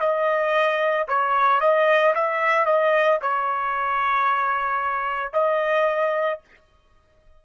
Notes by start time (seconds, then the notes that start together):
0.00 D#5
1.08 C#5
1.60 D#5
2.14 E5
2.65 D#5
3.21 C#5
5.33 D#5